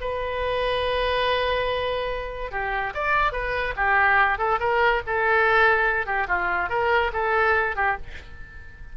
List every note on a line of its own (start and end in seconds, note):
0.00 2.51 B4
2.51 2.93 G4
2.94 3.32 D5
3.32 3.74 B4
3.76 4.38 G4
4.38 4.59 A4
4.60 5.02 A#4
5.06 6.06 A4
6.06 6.27 G4
6.27 6.69 F4
6.69 7.11 A#4
7.13 7.75 A4
7.76 7.97 G4